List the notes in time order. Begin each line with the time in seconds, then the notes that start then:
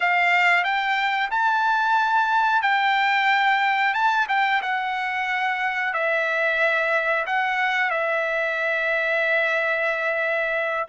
0.00 F5
0.64 G5
1.30 A5
2.62 G5
3.94 A5
4.28 G5
4.62 F#5
5.93 E5
7.26 F#5
7.90 E5